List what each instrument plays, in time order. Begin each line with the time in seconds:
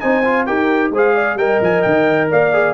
0.00 tuba C4, trombone D#4, horn C5, trumpet G#5
0.24 trombone F4
0.46 tuba D#4, trombone G4, horn A#4, trumpet G5
0.90 tuba G#3, trombone G#4, horn C5
0.97 trumpet F5
1.15 horn D5
1.35 tuba G3, trombone A#4, horn D#5, trumpet G5
1.61 tuba F3, trumpet G#5
1.82 tuba D#3, trumpet G5
2.30 tuba A#3, horn D5, trumpet F5
2.53 trombone G#4